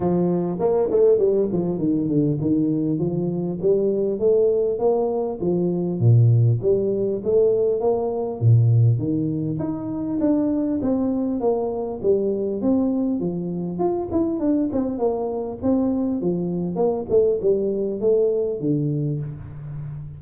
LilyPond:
\new Staff \with { instrumentName = "tuba" } { \time 4/4 \tempo 4 = 100 f4 ais8 a8 g8 f8 dis8 d8 | dis4 f4 g4 a4 | ais4 f4 ais,4 g4 | a4 ais4 ais,4 dis4 |
dis'4 d'4 c'4 ais4 | g4 c'4 f4 f'8 e'8 | d'8 c'8 ais4 c'4 f4 | ais8 a8 g4 a4 d4 | }